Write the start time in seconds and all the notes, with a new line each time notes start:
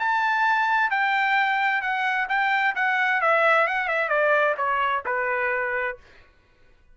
0.00 A5
0.91 G5
1.82 F#5
2.29 G5
2.76 F#5
3.22 E5
3.68 F#5
3.88 E5
4.09 D5
4.58 C#5
5.06 B4